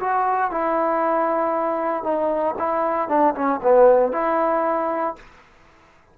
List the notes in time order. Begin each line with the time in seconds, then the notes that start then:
0.00 F#4
0.51 E4
2.04 D#4
2.59 E4
3.09 D4
3.35 C#4
3.63 B3
4.12 E4